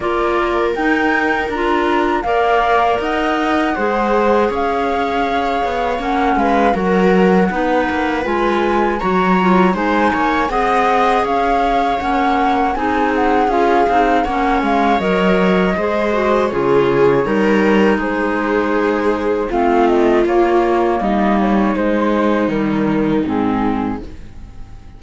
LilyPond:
<<
  \new Staff \with { instrumentName = "flute" } { \time 4/4 \tempo 4 = 80 d''4 g''4 ais''4 f''4 | fis''2 f''2 | fis''8 f''8 fis''2 gis''4 | ais''4 gis''4 fis''4 f''4 |
fis''4 gis''8 fis''8 f''4 fis''8 f''8 | dis''2 cis''2 | c''2 f''8 dis''8 cis''4 | dis''8 cis''8 c''4 ais'4 gis'4 | }
  \new Staff \with { instrumentName = "viola" } { \time 4/4 ais'2. d''4 | dis''4 c''4 cis''2~ | cis''8 b'8 ais'4 b'2 | cis''4 c''8 cis''8 dis''4 cis''4~ |
cis''4 gis'2 cis''4~ | cis''4 c''4 gis'4 ais'4 | gis'2 f'2 | dis'1 | }
  \new Staff \with { instrumentName = "clarinet" } { \time 4/4 f'4 dis'4 f'4 ais'4~ | ais'4 gis'2. | cis'4 fis'4 dis'4 f'4 | fis'8 f'8 dis'4 gis'2 |
cis'4 dis'4 f'8 dis'8 cis'4 | ais'4 gis'8 fis'8 f'4 dis'4~ | dis'2 c'4 ais4~ | ais4 gis4 g4 c'4 | }
  \new Staff \with { instrumentName = "cello" } { \time 4/4 ais4 dis'4 d'4 ais4 | dis'4 gis4 cis'4. b8 | ais8 gis8 fis4 b8 ais8 gis4 | fis4 gis8 ais8 c'4 cis'4 |
ais4 c'4 cis'8 c'8 ais8 gis8 | fis4 gis4 cis4 g4 | gis2 a4 ais4 | g4 gis4 dis4 gis,4 | }
>>